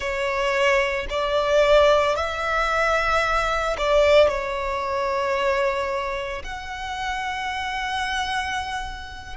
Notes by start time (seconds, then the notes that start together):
0.00 C#5
1.09 D5
2.15 E5
3.77 D5
4.28 C#5
6.43 F#5